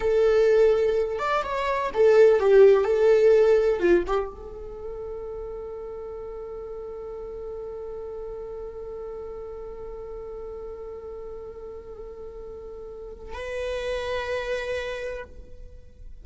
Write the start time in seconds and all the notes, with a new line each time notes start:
0.00 A4
1.18 D5
1.43 C#5
1.94 A4
2.39 G4
2.84 A4
3.79 F4
4.06 G4
4.31 A4
13.33 B4